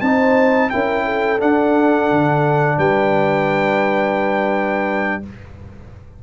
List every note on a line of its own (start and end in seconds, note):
0.00 0.70 C4
0.00 0.71 D#4
0.00 0.70 C5
0.00 0.69 A5
0.69 1.41 C#4
0.69 1.38 E4
0.69 1.04 A#4
0.69 1.39 G5
1.04 2.77 A4
1.38 5.22 D4
1.38 2.10 D4
1.38 2.78 F#5
2.10 2.78 D3
2.77 5.22 G3
2.77 5.21 B4
2.77 5.23 G5